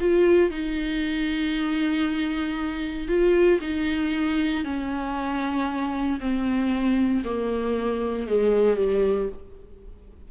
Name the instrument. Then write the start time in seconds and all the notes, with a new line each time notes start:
viola
0.00 F4
0.51 D#4
3.08 F4
3.61 D#4
4.65 C#4
6.20 C4
7.25 A#3
8.28 G#3
8.77 G3